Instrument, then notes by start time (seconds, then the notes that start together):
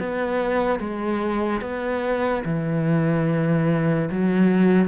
cello
0.00 B3
0.80 G#3
1.62 B3
2.45 E3
4.11 F#3